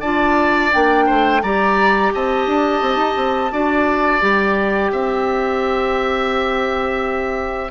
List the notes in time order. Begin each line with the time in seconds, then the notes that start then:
0.00 D4 F4 D5 A5
0.71 A#3 D4 G5
1.06 A3 C5
1.42 G3 G4 D5 A#5
2.14 C4 D#5 A5
2.46 D4
2.81 C4
2.96 D#4
3.16 C4
3.51 D4 F#4 D5
4.20 G3 G4 G5
4.91 C4 E5